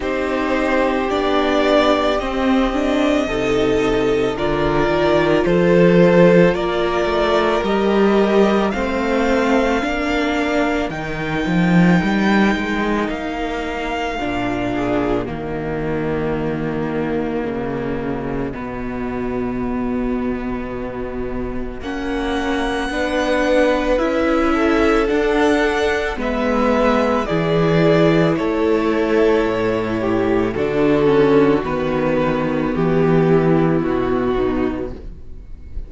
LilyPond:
<<
  \new Staff \with { instrumentName = "violin" } { \time 4/4 \tempo 4 = 55 c''4 d''4 dis''2 | d''4 c''4 d''4 dis''4 | f''2 g''2 | f''2 dis''2~ |
dis''1 | fis''2 e''4 fis''4 | e''4 d''4 cis''2 | a'4 b'4 g'4 fis'4 | }
  \new Staff \with { instrumentName = "violin" } { \time 4/4 g'2. a'4 | ais'4 a'4 ais'2 | c''4 ais'2.~ | ais'4. gis'8 fis'2~ |
fis'1~ | fis'4 b'4. a'4. | b'4 gis'4 a'4. g'8 | fis'2~ fis'8 e'4 dis'8 | }
  \new Staff \with { instrumentName = "viola" } { \time 4/4 dis'4 d'4 c'8 d'8 dis'4 | f'2. g'4 | c'4 d'4 dis'2~ | dis'4 d'4 ais2~ |
ais4 b2. | cis'4 d'4 e'4 d'4 | b4 e'2. | d'8 cis'8 b2. | }
  \new Staff \with { instrumentName = "cello" } { \time 4/4 c'4 b4 c'4 c4 | d8 dis8 f4 ais8 a8 g4 | a4 ais4 dis8 f8 g8 gis8 | ais4 ais,4 dis2 |
cis4 b,2. | ais4 b4 cis'4 d'4 | gis4 e4 a4 a,4 | d4 dis4 e4 b,4 | }
>>